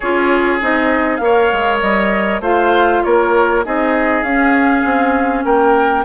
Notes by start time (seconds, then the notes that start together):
0.00 C#4 F4 G#4 C#5
0.60 C4 D#4 D#5
1.16 A#3 F5
1.23 A#4 C#5
1.52 G#3
1.80 G3 D#5
2.40 A3 F4 C5 F5
3.03 A#3 A#4 C#5
3.64 C4 D#4 G#4 D#5
4.22 C#4 F5
4.84 C4
5.44 A#3 A#4 G5